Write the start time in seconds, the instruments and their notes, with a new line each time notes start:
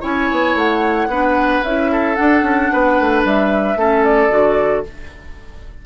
0.00 bassoon C#4, clarinet E4, oboe C#5, flute G#5
0.31 bassoon B3
0.55 bassoon A3, flute F#5
1.07 bassoon B3, clarinet D4, oboe B4
1.63 bassoon C#4, clarinet E4, flute E5
1.91 oboe A4
2.15 clarinet D4, bassoon D4, flute F#5
2.41 bassoon C#4
2.72 bassoon B3, oboe B4
2.99 bassoon A3
3.24 bassoon G3, flute E5
3.75 bassoon A3, clarinet C#4, oboe A4
4.04 flute D5
4.29 bassoon D3, clarinet F#4